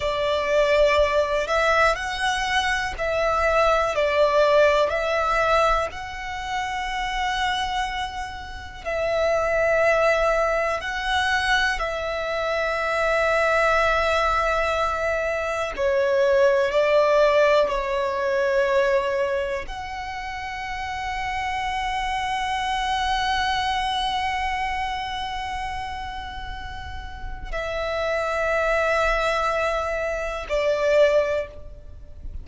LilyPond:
\new Staff \with { instrumentName = "violin" } { \time 4/4 \tempo 4 = 61 d''4. e''8 fis''4 e''4 | d''4 e''4 fis''2~ | fis''4 e''2 fis''4 | e''1 |
cis''4 d''4 cis''2 | fis''1~ | fis''1 | e''2. d''4 | }